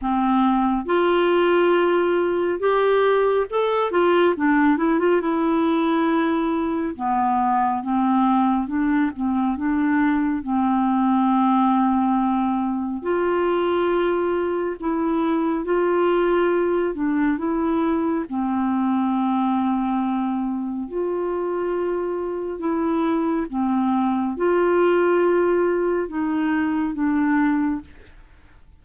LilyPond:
\new Staff \with { instrumentName = "clarinet" } { \time 4/4 \tempo 4 = 69 c'4 f'2 g'4 | a'8 f'8 d'8 e'16 f'16 e'2 | b4 c'4 d'8 c'8 d'4 | c'2. f'4~ |
f'4 e'4 f'4. d'8 | e'4 c'2. | f'2 e'4 c'4 | f'2 dis'4 d'4 | }